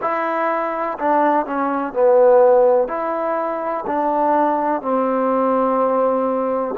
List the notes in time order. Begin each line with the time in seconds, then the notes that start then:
0.01 E4
0.99 D4
1.46 C#4
1.93 B3
2.88 E4
3.87 D4
4.81 C4